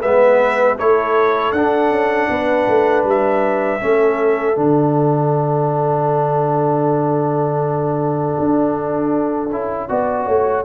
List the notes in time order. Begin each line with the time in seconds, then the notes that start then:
0.00 G#3 B3 B4 E5
0.78 A3 E4 A4 C#5
1.52 D4 F#5
1.90 C#4
2.29 B3 B4
2.68 A3
3.04 G3 E5
3.80 A3 C#4 A4
4.55 D3 D4 F#5
8.39 D4
9.50 C#4 E4
9.89 B3 F#4 D5
10.26 A3 C#5